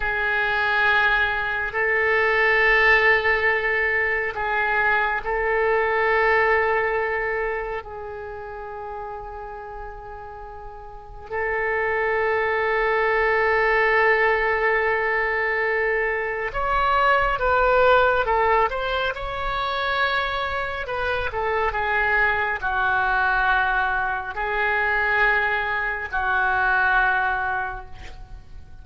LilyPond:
\new Staff \with { instrumentName = "oboe" } { \time 4/4 \tempo 4 = 69 gis'2 a'2~ | a'4 gis'4 a'2~ | a'4 gis'2.~ | gis'4 a'2.~ |
a'2. cis''4 | b'4 a'8 c''8 cis''2 | b'8 a'8 gis'4 fis'2 | gis'2 fis'2 | }